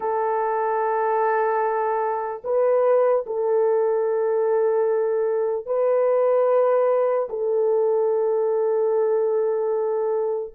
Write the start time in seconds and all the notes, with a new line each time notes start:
0.00 A4
2.44 B4
3.26 A4
5.66 B4
7.29 A4